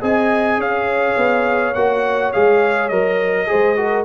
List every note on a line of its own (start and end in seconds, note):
0.00 0.58 C4
0.00 1.74 G#4
0.00 0.58 D#5
0.00 0.61 G#5
0.58 1.16 C#4
0.58 3.47 C#5
0.58 1.74 F5
1.17 1.75 B3
1.74 2.33 A#3
1.74 2.33 F#4
1.74 2.32 F#5
2.33 2.91 G#3
2.33 2.91 G#4
2.33 2.88 F5
2.88 3.48 F#3
2.88 3.46 A#4
2.88 4.04 D#5
3.46 4.05 G#3
3.46 3.75 G#4
3.46 3.78 C5
3.76 4.05 F#4
3.76 4.05 A#4